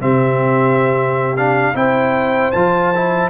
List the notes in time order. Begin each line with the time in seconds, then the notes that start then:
0.00 C3 C4 G4 E5
1.37 D4 F5
1.74 C4 E4 C5 G5
2.52 F3 F4 A5
2.95 E4